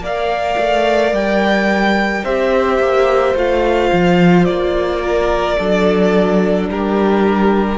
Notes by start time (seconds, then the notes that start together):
0.00 A#3 A#4 D5 F5
0.58 A3
1.12 G3 G5
2.24 C4 G4 C5 E5
2.79 A#3
3.35 A3 F4 F5
3.93 F3
4.45 A#3 D5
5.01 A#4
5.58 F#3 D4 A4
6.69 G3 G4 A#4